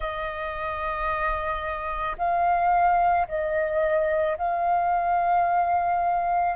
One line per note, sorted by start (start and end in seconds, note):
0.00 2.16 D#5
2.18 3.27 F5
3.28 4.37 D#5
4.37 6.56 F5